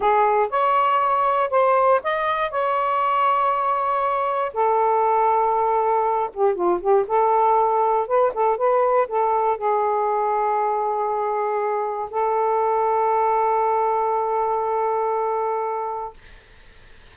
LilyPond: \new Staff \with { instrumentName = "saxophone" } { \time 4/4 \tempo 4 = 119 gis'4 cis''2 c''4 | dis''4 cis''2.~ | cis''4 a'2.~ | a'8 g'8 f'8 g'8 a'2 |
b'8 a'8 b'4 a'4 gis'4~ | gis'1 | a'1~ | a'1 | }